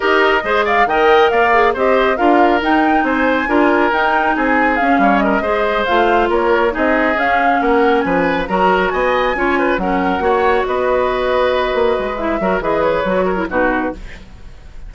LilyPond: <<
  \new Staff \with { instrumentName = "flute" } { \time 4/4 \tempo 4 = 138 dis''4. f''8 g''4 f''4 | dis''4 f''4 g''4 gis''4~ | gis''4 g''4 gis''4 f''4 | dis''4. f''4 cis''4 dis''8~ |
dis''8 f''4 fis''4 gis''4 ais''8~ | ais''8 gis''2 fis''4.~ | fis''8 dis''2.~ dis''8 | e''4 dis''8 cis''4. b'4 | }
  \new Staff \with { instrumentName = "oboe" } { \time 4/4 ais'4 c''8 d''8 dis''4 d''4 | c''4 ais'2 c''4 | ais'2 gis'4. cis''8 | ais'8 c''2 ais'4 gis'8~ |
gis'4. ais'4 b'4 ais'8~ | ais'8 dis''4 cis''8 b'8 ais'4 cis''8~ | cis''8 b'2.~ b'8~ | b'8 ais'8 b'4. ais'8 fis'4 | }
  \new Staff \with { instrumentName = "clarinet" } { \time 4/4 g'4 gis'4 ais'4. gis'8 | g'4 f'4 dis'2 | f'4 dis'2 cis'4~ | cis'8 gis'4 f'2 dis'8~ |
dis'8 cis'2. fis'8~ | fis'4. f'4 cis'4 fis'8~ | fis'1 | e'8 fis'8 gis'4 fis'8. e'16 dis'4 | }
  \new Staff \with { instrumentName = "bassoon" } { \time 4/4 dis'4 gis4 dis4 ais4 | c'4 d'4 dis'4 c'4 | d'4 dis'4 c'4 cis'8 g8~ | g8 gis4 a4 ais4 c'8~ |
c'8 cis'4 ais4 f4 fis8~ | fis8 b4 cis'4 fis4 ais8~ | ais8 b2~ b8 ais8 gis8~ | gis8 fis8 e4 fis4 b,4 | }
>>